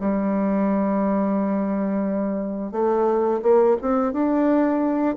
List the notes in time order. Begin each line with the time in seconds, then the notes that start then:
0.00 G3
2.72 A3
3.42 A#3
3.82 C4
4.13 D4